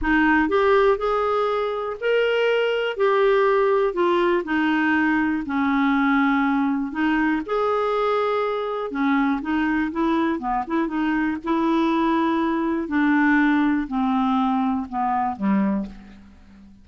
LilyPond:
\new Staff \with { instrumentName = "clarinet" } { \time 4/4 \tempo 4 = 121 dis'4 g'4 gis'2 | ais'2 g'2 | f'4 dis'2 cis'4~ | cis'2 dis'4 gis'4~ |
gis'2 cis'4 dis'4 | e'4 b8 e'8 dis'4 e'4~ | e'2 d'2 | c'2 b4 g4 | }